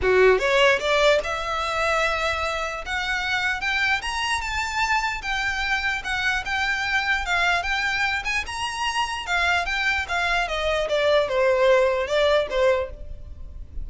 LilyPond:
\new Staff \with { instrumentName = "violin" } { \time 4/4 \tempo 4 = 149 fis'4 cis''4 d''4 e''4~ | e''2. fis''4~ | fis''4 g''4 ais''4 a''4~ | a''4 g''2 fis''4 |
g''2 f''4 g''4~ | g''8 gis''8 ais''2 f''4 | g''4 f''4 dis''4 d''4 | c''2 d''4 c''4 | }